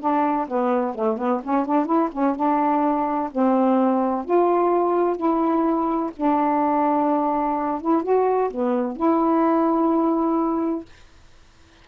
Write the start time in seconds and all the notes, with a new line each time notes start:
0.00 D4
0.48 B3
0.95 A3
1.18 B3
1.44 C#4
1.66 D4
1.86 E4
2.12 C#4
2.36 D4
3.32 C4
4.25 F4
5.17 E4
6.16 D4
7.81 E4
8.03 F#4
8.51 B3
8.97 E4